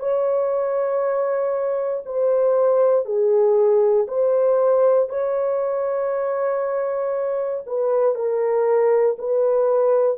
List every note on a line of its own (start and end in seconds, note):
0.00 2.03 C#5
2.06 3.06 C5
3.06 4.07 G#4
4.08 5.09 C5
5.09 7.64 C#5
7.66 8.15 B4
8.15 9.17 A#4
9.18 10.18 B4